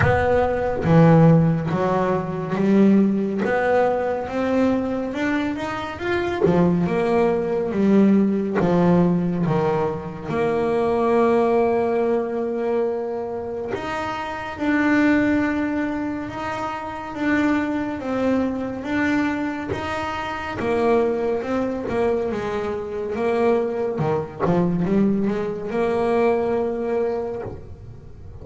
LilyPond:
\new Staff \with { instrumentName = "double bass" } { \time 4/4 \tempo 4 = 70 b4 e4 fis4 g4 | b4 c'4 d'8 dis'8 f'8 f8 | ais4 g4 f4 dis4 | ais1 |
dis'4 d'2 dis'4 | d'4 c'4 d'4 dis'4 | ais4 c'8 ais8 gis4 ais4 | dis8 f8 g8 gis8 ais2 | }